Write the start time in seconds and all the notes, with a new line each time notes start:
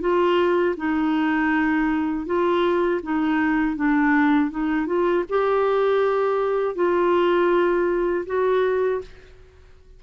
0.00 F4
0.76 D#4
2.25 F4
3.02 D#4
3.76 D4
4.50 D#4
4.86 F4
5.29 G4
6.75 F4
8.26 F#4